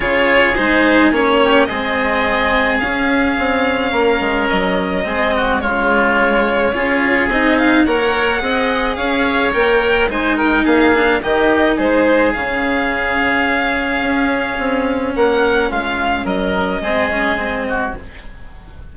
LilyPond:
<<
  \new Staff \with { instrumentName = "violin" } { \time 4/4 \tempo 4 = 107 cis''4 c''4 cis''4 dis''4~ | dis''4 f''2. | dis''2 cis''2~ | cis''4 dis''8 f''8 fis''2 |
f''4 g''4 gis''8 g''8 f''4 | dis''4 c''4 f''2~ | f''2. fis''4 | f''4 dis''2. | }
  \new Staff \with { instrumentName = "oboe" } { \time 4/4 gis'2~ gis'8 g'8 gis'4~ | gis'2. ais'4~ | ais'4 gis'8 fis'8 f'2 | gis'2 cis''4 dis''4 |
cis''2 c''8 ais'8 gis'4 | g'4 gis'2.~ | gis'2. ais'4 | f'4 ais'4 gis'4. fis'8 | }
  \new Staff \with { instrumentName = "cello" } { \time 4/4 f'4 dis'4 cis'4 c'4~ | c'4 cis'2.~ | cis'4 c'4 gis2 | f'4 dis'4 ais'4 gis'4~ |
gis'4 ais'4 dis'4. d'8 | dis'2 cis'2~ | cis'1~ | cis'2 c'8 cis'8 c'4 | }
  \new Staff \with { instrumentName = "bassoon" } { \time 4/4 cis4 gis4 ais4 gis4~ | gis4 cis'4 c'4 ais8 gis8 | fis4 gis4 cis2 | cis'4 c'4 ais4 c'4 |
cis'4 ais4 gis4 ais4 | dis4 gis4 cis2~ | cis4 cis'4 c'4 ais4 | gis4 fis4 gis2 | }
>>